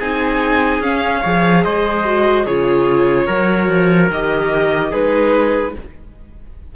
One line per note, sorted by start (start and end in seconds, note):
0.00 0.80 C4
0.00 0.83 D#4
0.00 1.21 G#4
0.00 0.83 G#5
0.80 1.21 C#4
0.80 1.24 C#4
0.80 1.64 F5
1.21 1.66 F3
1.21 2.05 G#4
1.21 1.62 C#5
1.64 2.47 G#3
1.64 2.46 C5
1.64 2.46 D#5
2.05 2.47 F#4
2.46 3.28 C#3
2.46 3.29 F4
2.46 3.27 G#4
2.46 4.11 C#5
3.27 3.69 F#3
3.27 4.11 F#4
3.27 4.91 A#4
3.69 4.10 F3
4.10 4.92 D#3
4.10 4.93 G4
4.10 4.93 D#5
4.91 5.76 G#3
4.91 5.75 D#4
4.91 5.73 G#4
4.91 5.76 B4